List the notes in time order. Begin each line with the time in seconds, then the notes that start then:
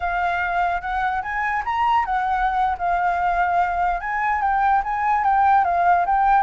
0.00 F5
0.81 F#5
1.22 G#5
1.65 A#5
2.05 F#5
2.78 F5
4.00 G#5
4.41 G5
4.83 G#5
5.24 G5
5.64 F5
6.06 G5